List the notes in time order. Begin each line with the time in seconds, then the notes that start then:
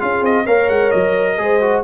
0.00 C#4 F4 G#4 F5
0.22 C4 D#5
0.45 A#3 A#4 C#5 F5
0.69 G#3 F#5
0.91 F#3 D#5
1.38 G#3 G#4 C5
1.61 F#4